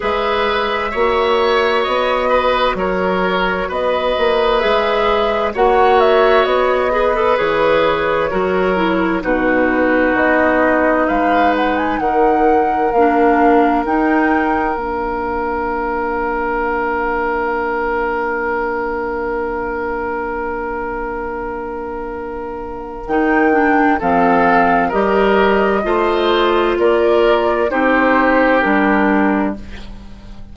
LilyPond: <<
  \new Staff \with { instrumentName = "flute" } { \time 4/4 \tempo 4 = 65 e''2 dis''4 cis''4 | dis''4 e''4 fis''8 e''8 dis''4 | cis''2 b'4 dis''4 | f''8 fis''16 gis''16 fis''4 f''4 g''4 |
f''1~ | f''1~ | f''4 g''4 f''4 dis''4~ | dis''4 d''4 c''4 ais'4 | }
  \new Staff \with { instrumentName = "oboe" } { \time 4/4 b'4 cis''4. b'8 ais'4 | b'2 cis''4. b'8~ | b'4 ais'4 fis'2 | b'4 ais'2.~ |
ais'1~ | ais'1~ | ais'2 a'4 ais'4 | c''4 ais'4 g'2 | }
  \new Staff \with { instrumentName = "clarinet" } { \time 4/4 gis'4 fis'2.~ | fis'4 gis'4 fis'4. gis'16 a'16 | gis'4 fis'8 e'8 dis'2~ | dis'2 d'4 dis'4 |
d'1~ | d'1~ | d'4 dis'8 d'8 c'4 g'4 | f'2 dis'4 d'4 | }
  \new Staff \with { instrumentName = "bassoon" } { \time 4/4 gis4 ais4 b4 fis4 | b8 ais8 gis4 ais4 b4 | e4 fis4 b,4 b4 | gis4 dis4 ais4 dis'4 |
ais1~ | ais1~ | ais4 dis4 f4 g4 | a4 ais4 c'4 g4 | }
>>